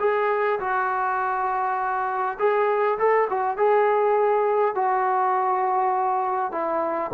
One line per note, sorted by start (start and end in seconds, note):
0.00 0.59 G#4
0.60 2.38 F#4
2.39 2.98 G#4
2.99 3.28 A4
3.30 3.57 F#4
3.57 4.75 G#4
4.75 6.52 F#4
6.52 7.11 E4